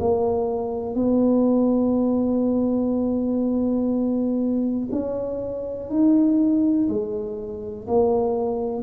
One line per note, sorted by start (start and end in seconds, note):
0.00 0.95 A#3
0.95 4.89 B3
4.92 5.90 C#4
5.90 6.89 D#4
6.89 7.87 G#3
7.88 8.83 A#3